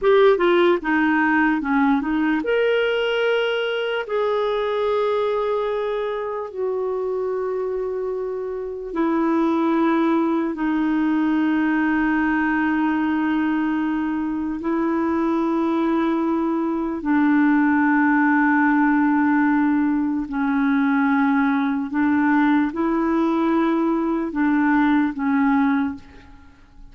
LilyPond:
\new Staff \with { instrumentName = "clarinet" } { \time 4/4 \tempo 4 = 74 g'8 f'8 dis'4 cis'8 dis'8 ais'4~ | ais'4 gis'2. | fis'2. e'4~ | e'4 dis'2.~ |
dis'2 e'2~ | e'4 d'2.~ | d'4 cis'2 d'4 | e'2 d'4 cis'4 | }